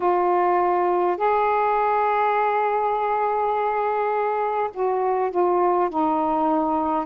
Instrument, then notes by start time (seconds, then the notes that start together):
saxophone
0.00 F4
1.17 G#4
4.73 F#4
5.30 F4
5.89 D#4